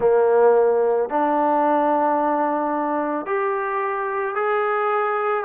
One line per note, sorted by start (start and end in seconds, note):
0.00 1.09 A#3
1.09 3.26 D4
3.26 4.35 G4
4.35 5.44 G#4